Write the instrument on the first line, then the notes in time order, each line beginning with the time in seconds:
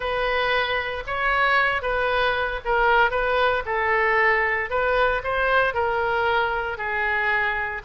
oboe
0.00 B4
1.06 C#5
1.82 B4
2.64 A#4
3.10 B4
3.65 A4
4.70 B4
5.23 C5
5.73 A#4
6.77 G#4